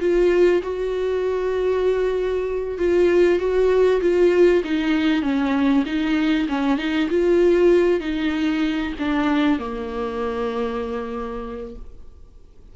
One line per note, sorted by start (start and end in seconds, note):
0.00 0.62 F4
0.62 2.78 F#4
2.78 3.39 F4
3.39 4.01 F#4
4.01 4.63 F4
4.64 5.22 D#4
5.22 5.84 C#4
5.86 6.48 D#4
6.49 6.78 C#4
6.78 7.09 D#4
7.10 8.00 F4
8.00 8.93 D#4
8.99 9.59 D4
9.59 11.75 A#3